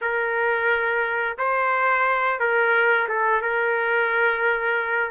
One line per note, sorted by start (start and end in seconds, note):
0.01 1.37 A#4
1.38 2.39 C5
2.39 3.07 A#4
3.08 3.41 A4
3.41 5.10 A#4